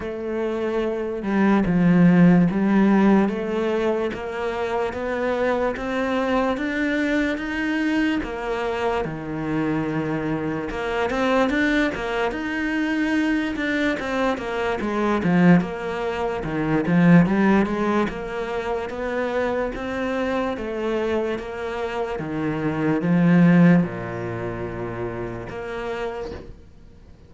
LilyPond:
\new Staff \with { instrumentName = "cello" } { \time 4/4 \tempo 4 = 73 a4. g8 f4 g4 | a4 ais4 b4 c'4 | d'4 dis'4 ais4 dis4~ | dis4 ais8 c'8 d'8 ais8 dis'4~ |
dis'8 d'8 c'8 ais8 gis8 f8 ais4 | dis8 f8 g8 gis8 ais4 b4 | c'4 a4 ais4 dis4 | f4 ais,2 ais4 | }